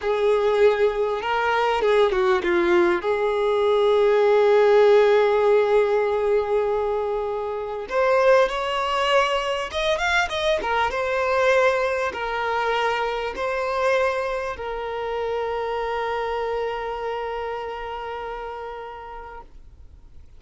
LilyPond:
\new Staff \with { instrumentName = "violin" } { \time 4/4 \tempo 4 = 99 gis'2 ais'4 gis'8 fis'8 | f'4 gis'2.~ | gis'1~ | gis'4 c''4 cis''2 |
dis''8 f''8 dis''8 ais'8 c''2 | ais'2 c''2 | ais'1~ | ais'1 | }